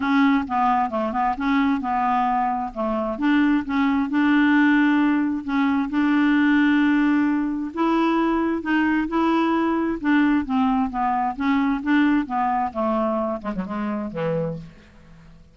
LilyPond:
\new Staff \with { instrumentName = "clarinet" } { \time 4/4 \tempo 4 = 132 cis'4 b4 a8 b8 cis'4 | b2 a4 d'4 | cis'4 d'2. | cis'4 d'2.~ |
d'4 e'2 dis'4 | e'2 d'4 c'4 | b4 cis'4 d'4 b4 | a4. gis16 fis16 gis4 e4 | }